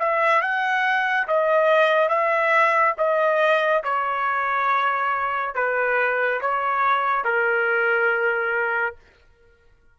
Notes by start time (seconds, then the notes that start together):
0.00 E5
0.42 F#5
1.28 D#5
2.09 E5
2.98 D#5
3.84 C#5
5.55 B4
6.41 C#5
7.25 A#4